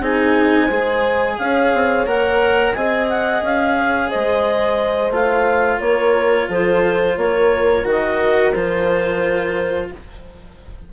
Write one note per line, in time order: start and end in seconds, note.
0.00 0.68 C4
0.00 0.70 D#4
0.00 0.65 G#4
0.00 1.38 G#5
0.65 1.38 G#3
0.65 1.33 C5
0.71 2.07 G#4
1.38 1.73 C#4
1.38 2.75 C#5
1.38 2.06 F5
1.73 2.06 C4
2.06 2.74 A#3
2.06 2.75 A#4
2.06 2.73 F#5
2.73 3.42 C4
2.73 5.12 G#4
2.73 3.77 D#5
2.73 3.07 G#5
3.09 3.43 F#5
3.42 4.10 C#4
3.42 4.10 F5
3.78 4.10 C#5
4.10 5.10 G#3
4.10 5.79 C5
4.10 5.12 D#5
5.10 5.79 A3
5.10 7.85 F4
5.10 5.80 F5
5.79 6.48 A#3
5.79 6.47 A#4
5.79 6.49 C#5
6.48 7.17 F3
6.48 7.16 A4
6.48 7.17 C5
7.17 7.85 A#3
7.17 9.92 A#4
7.17 7.86 C#5
7.85 8.53 D#3
7.85 8.53 F#4
7.85 8.53 D#5
8.53 9.91 F3
8.53 9.91 F4
8.53 9.89 C5